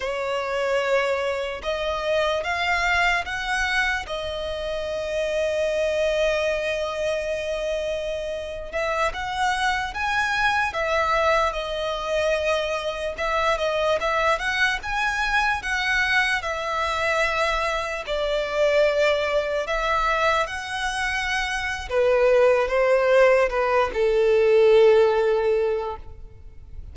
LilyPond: \new Staff \with { instrumentName = "violin" } { \time 4/4 \tempo 4 = 74 cis''2 dis''4 f''4 | fis''4 dis''2.~ | dis''2~ dis''8. e''8 fis''8.~ | fis''16 gis''4 e''4 dis''4.~ dis''16~ |
dis''16 e''8 dis''8 e''8 fis''8 gis''4 fis''8.~ | fis''16 e''2 d''4.~ d''16~ | d''16 e''4 fis''4.~ fis''16 b'4 | c''4 b'8 a'2~ a'8 | }